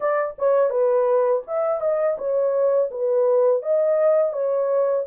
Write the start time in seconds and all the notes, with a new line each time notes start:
0.00 D5
0.38 C#5
0.70 B4
1.47 E5
1.80 D#5
2.18 C#5
2.90 B4
3.62 D#5
4.32 C#5